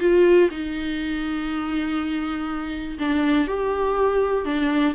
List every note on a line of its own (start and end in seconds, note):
0.00 0.50 F4
0.51 2.99 D#4
3.00 3.48 D4
3.48 4.45 G4
4.45 4.95 D4